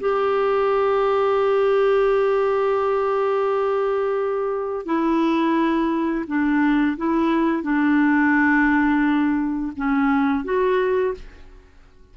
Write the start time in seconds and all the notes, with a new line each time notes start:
0.00 G4
4.86 E4
6.27 D4
6.97 E4
7.63 D4
9.77 C#4
10.44 F#4